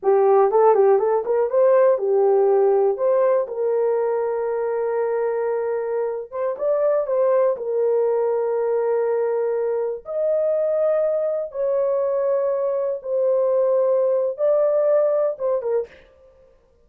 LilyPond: \new Staff \with { instrumentName = "horn" } { \time 4/4 \tempo 4 = 121 g'4 a'8 g'8 a'8 ais'8 c''4 | g'2 c''4 ais'4~ | ais'1~ | ais'8. c''8 d''4 c''4 ais'8.~ |
ais'1~ | ais'16 dis''2. cis''8.~ | cis''2~ cis''16 c''4.~ c''16~ | c''4 d''2 c''8 ais'8 | }